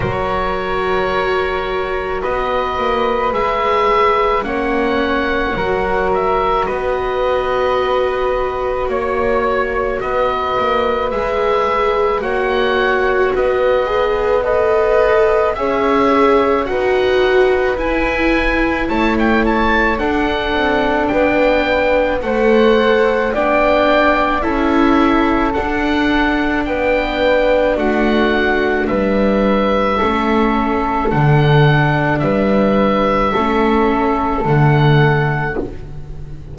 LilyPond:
<<
  \new Staff \with { instrumentName = "oboe" } { \time 4/4 \tempo 4 = 54 cis''2 dis''4 e''4 | fis''4. e''8 dis''2 | cis''4 dis''4 e''4 fis''4 | dis''4 b'4 e''4 fis''4 |
gis''4 a''16 g''16 a''8 fis''4 g''4 | fis''4 g''4 e''4 fis''4 | g''4 fis''4 e''2 | fis''4 e''2 fis''4 | }
  \new Staff \with { instrumentName = "flute" } { \time 4/4 ais'2 b'2 | cis''4 ais'4 b'2 | cis''4 b'2 cis''4 | b'4 dis''4 cis''4 b'4~ |
b'4 cis''4 a'4 b'4 | c''4 d''4 a'2 | b'4 fis'4 b'4 a'4~ | a'4 b'4 a'2 | }
  \new Staff \with { instrumentName = "viola" } { \time 4/4 fis'2. gis'4 | cis'4 fis'2.~ | fis'2 gis'4 fis'4~ | fis'8 gis'8 a'4 gis'4 fis'4 |
e'2 d'2 | a'4 d'4 e'4 d'4~ | d'2. cis'4 | d'2 cis'4 a4 | }
  \new Staff \with { instrumentName = "double bass" } { \time 4/4 fis2 b8 ais8 gis4 | ais4 fis4 b2 | ais4 b8 ais8 gis4 ais4 | b2 cis'4 dis'4 |
e'4 a4 d'8 c'8 b4 | a4 b4 cis'4 d'4 | b4 a4 g4 a4 | d4 g4 a4 d4 | }
>>